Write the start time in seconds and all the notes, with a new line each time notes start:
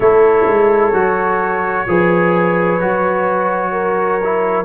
0.00 A3 E4 A4 C#5
0.46 G#3
0.93 F#3 F#4
1.87 F3 G#4 B4
2.79 F#3 F#4
3.72 A#4
4.23 E4